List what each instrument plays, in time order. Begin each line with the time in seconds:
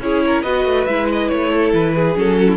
0.00 cello C#4, viola E4, violin G#4 C#5
0.26 violin A#4
0.42 cello B3, viola F#4, violin B4 D#5
0.65 cello A3
0.85 cello G#3, viola E4, violin E5
1.12 violin D#5
1.28 cello A3, violin C#5
1.50 violin A4
1.73 cello E3, violin B4
1.95 violin G#4
2.15 cello F#3, viola C#4, violin A4
2.39 violin F#4
2.48 violin E4